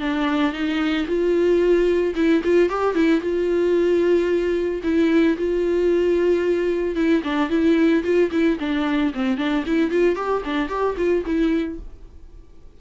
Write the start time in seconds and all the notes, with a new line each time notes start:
0.00 D4
0.53 D#4
1.07 F4
2.15 E4
2.44 F4
2.69 G4
2.95 E4
3.21 F4
4.83 E4
5.38 F4
6.95 E4
7.24 D4
7.50 E4
8.04 F4
8.31 E4
8.60 D4
9.14 C4
9.37 D4
9.66 E4
9.91 F4
10.15 G4
10.45 D4
10.69 G4
10.97 F4
11.25 E4